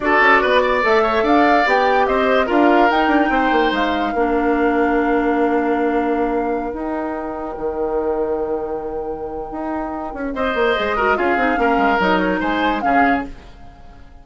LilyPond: <<
  \new Staff \with { instrumentName = "flute" } { \time 4/4 \tempo 4 = 145 d''2 e''4 f''4 | g''4 dis''4 f''4 g''4~ | g''4 f''2.~ | f''1~ |
f''16 g''2.~ g''8.~ | g''1~ | g''4 dis''2 f''4~ | f''4 dis''8 cis''8 gis''4 f''4 | }
  \new Staff \with { instrumentName = "oboe" } { \time 4/4 a'4 b'8 d''4 cis''8 d''4~ | d''4 c''4 ais'2 | c''2 ais'2~ | ais'1~ |
ais'1~ | ais'1~ | ais'4 c''4. ais'8 gis'4 | ais'2 c''4 gis'4 | }
  \new Staff \with { instrumentName = "clarinet" } { \time 4/4 fis'2 a'2 | g'2 f'4 dis'4~ | dis'2 d'2~ | d'1~ |
d'16 dis'2.~ dis'8.~ | dis'1~ | dis'2 gis'8 fis'8 f'8 dis'8 | cis'4 dis'2 cis'4 | }
  \new Staff \with { instrumentName = "bassoon" } { \time 4/4 d'8 cis'8 b4 a4 d'4 | b4 c'4 d'4 dis'8 d'8 | c'8 ais8 gis4 ais2~ | ais1~ |
ais16 dis'2 dis4.~ dis16~ | dis2. dis'4~ | dis'8 cis'8 c'8 ais8 gis4 cis'8 c'8 | ais8 gis8 fis4 gis4 cis4 | }
>>